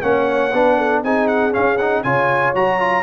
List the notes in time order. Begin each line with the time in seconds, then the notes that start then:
0.00 A#3 C#4 C#5 F#5
0.53 B3 D4 B4
0.77 A4
1.03 C4 D#4 G#4 G#5
1.27 F#5
1.51 C#4 F5
1.77 D#4 F#5
2.03 C#3 F4 C#5 G#5
2.54 F#3 F#4 A#5
2.79 F4